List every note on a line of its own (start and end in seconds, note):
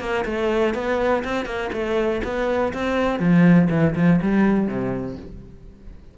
0.00 0.25 A#3
0.25 0.74 A3
0.74 1.23 B3
1.24 1.45 C4
1.45 1.70 A#3
1.73 2.22 A3
2.24 2.73 B3
2.73 3.19 C4
3.19 3.69 F3
3.70 3.94 E3
3.95 4.20 F3
4.22 4.67 G3
4.67 5.16 C3